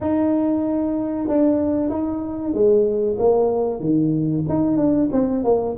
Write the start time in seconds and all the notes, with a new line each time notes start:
0.00 D#4
1.28 D4
1.89 D#4
2.53 G#3
3.19 A#3
3.80 D#3
4.49 D#4
4.77 D4
5.12 C4
5.44 A#3